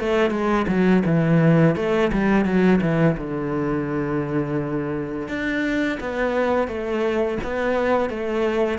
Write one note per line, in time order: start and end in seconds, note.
0.00 0.31 A3
0.31 0.66 G#3
0.68 1.03 F#3
1.06 1.76 E3
1.76 2.11 A3
2.13 2.45 G3
2.45 2.80 F#3
2.82 3.17 E3
3.18 5.28 D3
5.28 5.99 D4
6.00 6.68 B3
6.68 7.39 A3
7.44 8.10 B3
8.10 8.79 A3